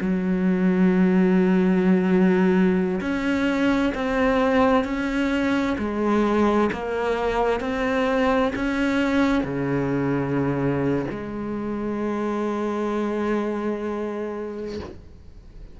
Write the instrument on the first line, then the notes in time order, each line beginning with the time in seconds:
cello
0.00 F#3
3.00 C#4
3.94 C4
4.84 C#4
5.78 G#3
6.72 A#3
7.60 C4
8.55 C#4
9.44 C#3
11.10 G#3